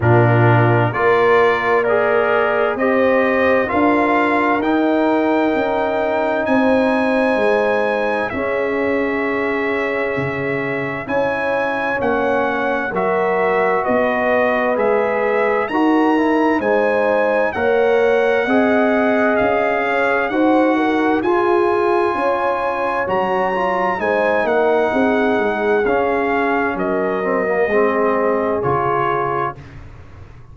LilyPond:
<<
  \new Staff \with { instrumentName = "trumpet" } { \time 4/4 \tempo 4 = 65 ais'4 d''4 ais'4 dis''4 | f''4 g''2 gis''4~ | gis''4 e''2. | gis''4 fis''4 e''4 dis''4 |
e''4 ais''4 gis''4 fis''4~ | fis''4 f''4 fis''4 gis''4~ | gis''4 ais''4 gis''8 fis''4. | f''4 dis''2 cis''4 | }
  \new Staff \with { instrumentName = "horn" } { \time 4/4 f'4 ais'4 d''4 c''4 | ais'2. c''4~ | c''4 gis'2. | cis''2 ais'4 b'4~ |
b'4 ais'4 c''4 cis''4 | dis''4. cis''8 c''8 ais'8 gis'4 | cis''2 c''8 ais'8 gis'4~ | gis'4 ais'4 gis'2 | }
  \new Staff \with { instrumentName = "trombone" } { \time 4/4 d'4 f'4 gis'4 g'4 | f'4 dis'2.~ | dis'4 cis'2. | e'4 cis'4 fis'2 |
gis'4 fis'8 e'8 dis'4 ais'4 | gis'2 fis'4 f'4~ | f'4 fis'8 f'8 dis'2 | cis'4. c'16 ais16 c'4 f'4 | }
  \new Staff \with { instrumentName = "tuba" } { \time 4/4 ais,4 ais2 c'4 | d'4 dis'4 cis'4 c'4 | gis4 cis'2 cis4 | cis'4 ais4 fis4 b4 |
gis4 dis'4 gis4 ais4 | c'4 cis'4 dis'4 f'4 | cis'4 fis4 gis8 ais8 c'8 gis8 | cis'4 fis4 gis4 cis4 | }
>>